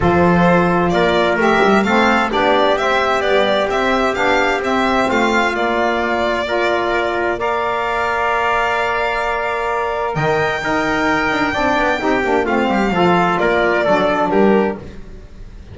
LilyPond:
<<
  \new Staff \with { instrumentName = "violin" } { \time 4/4 \tempo 4 = 130 c''2 d''4 e''4 | f''4 d''4 e''4 d''4 | e''4 f''4 e''4 f''4 | d''1 |
f''1~ | f''2 g''2~ | g''2. f''4~ | f''4 d''2 ais'4 | }
  \new Staff \with { instrumentName = "trumpet" } { \time 4/4 a'2 ais'2 | a'4 g'2.~ | g'2. f'4~ | f'2 ais'2 |
d''1~ | d''2 dis''4 ais'4~ | ais'4 d''4 g'4 f'8 g'8 | a'4 ais'4 a'4 g'4 | }
  \new Staff \with { instrumentName = "saxophone" } { \time 4/4 f'2. g'4 | c'4 d'4 c'4 g4 | c'4 d'4 c'2 | ais2 f'2 |
ais'1~ | ais'2. dis'4~ | dis'4 d'4 dis'8 d'8 c'4 | f'2 d'2 | }
  \new Staff \with { instrumentName = "double bass" } { \time 4/4 f2 ais4 a8 g8 | a4 b4 c'4 b4 | c'4 b4 c'4 a4 | ais1~ |
ais1~ | ais2 dis4 dis'4~ | dis'8 d'8 c'8 b8 c'8 ais8 a8 g8 | f4 ais4 fis4 g4 | }
>>